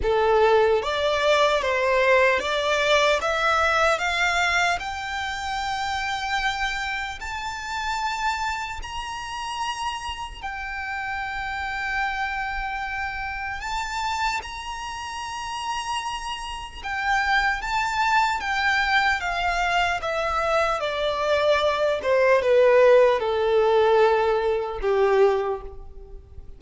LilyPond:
\new Staff \with { instrumentName = "violin" } { \time 4/4 \tempo 4 = 75 a'4 d''4 c''4 d''4 | e''4 f''4 g''2~ | g''4 a''2 ais''4~ | ais''4 g''2.~ |
g''4 a''4 ais''2~ | ais''4 g''4 a''4 g''4 | f''4 e''4 d''4. c''8 | b'4 a'2 g'4 | }